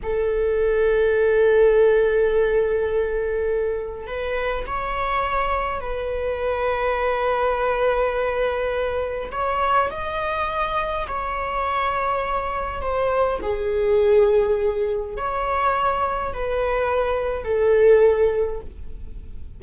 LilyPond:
\new Staff \with { instrumentName = "viola" } { \time 4/4 \tempo 4 = 103 a'1~ | a'2. b'4 | cis''2 b'2~ | b'1 |
cis''4 dis''2 cis''4~ | cis''2 c''4 gis'4~ | gis'2 cis''2 | b'2 a'2 | }